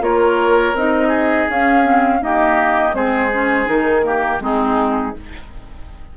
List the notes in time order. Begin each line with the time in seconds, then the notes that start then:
0.00 A#3 F4 A#4 C#5
0.73 C4 D#4 D#5
1.08 G#4
1.48 C#4 F5
1.83 C4
2.21 A#3 D#4 G4 D#5
2.93 G#3 C4 G#4 C5
3.33 C#4
3.65 D#3 D#4 A#4
4.03 A#3 G4
4.39 G#3 C4 D#4 G#4